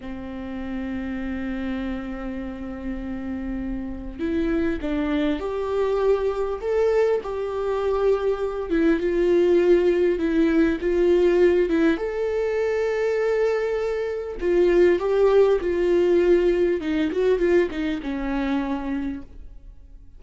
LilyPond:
\new Staff \with { instrumentName = "viola" } { \time 4/4 \tempo 4 = 100 c'1~ | c'2. e'4 | d'4 g'2 a'4 | g'2~ g'8 e'8 f'4~ |
f'4 e'4 f'4. e'8 | a'1 | f'4 g'4 f'2 | dis'8 fis'8 f'8 dis'8 cis'2 | }